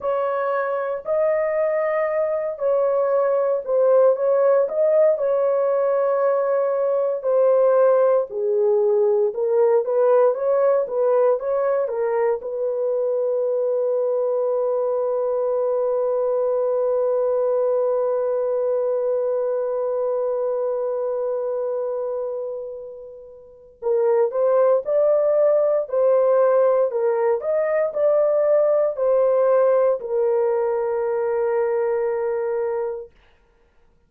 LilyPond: \new Staff \with { instrumentName = "horn" } { \time 4/4 \tempo 4 = 58 cis''4 dis''4. cis''4 c''8 | cis''8 dis''8 cis''2 c''4 | gis'4 ais'8 b'8 cis''8 b'8 cis''8 ais'8 | b'1~ |
b'1~ | b'2. ais'8 c''8 | d''4 c''4 ais'8 dis''8 d''4 | c''4 ais'2. | }